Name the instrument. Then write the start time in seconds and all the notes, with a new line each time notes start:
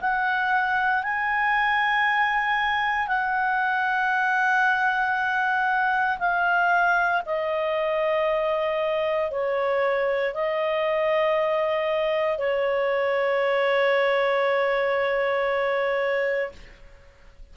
clarinet
0.00 F#5
1.03 G#5
3.08 F#5
6.19 F5
7.26 D#5
9.31 C#5
10.34 D#5
12.38 C#5